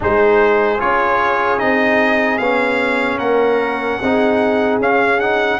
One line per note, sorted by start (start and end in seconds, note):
0.00 0.82 G#3
0.00 0.78 D#4
0.00 3.18 G#4
0.00 0.80 C5
0.79 1.61 C#4
0.79 1.58 F4
0.79 1.59 C#5
1.58 2.39 C4
1.58 2.38 D#4
1.58 2.38 D#5
2.38 3.18 B3
2.38 4.02 C#4
2.38 3.18 F5
3.18 3.98 A#3
3.18 3.98 A#4
3.18 4.78 F#5
3.99 4.79 C4
3.99 4.81 D#4
3.99 5.59 G#4
4.79 5.59 C#4
4.79 5.20 C#4
4.79 5.20 F5
5.20 5.60 D#4
5.20 5.60 F#5